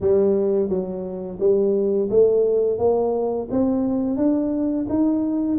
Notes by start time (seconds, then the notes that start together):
0.00 G3
0.68 F#3
1.39 G3
2.09 A3
2.78 A#3
3.50 C4
4.16 D4
4.89 D#4